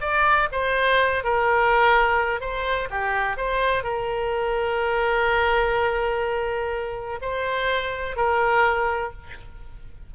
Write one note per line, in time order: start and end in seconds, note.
0.00 0.48 D5
0.51 1.23 C5
1.24 2.40 A#4
2.40 2.88 C5
2.90 3.37 G4
3.37 3.83 C5
3.83 7.19 A#4
7.21 8.16 C5
8.16 9.12 A#4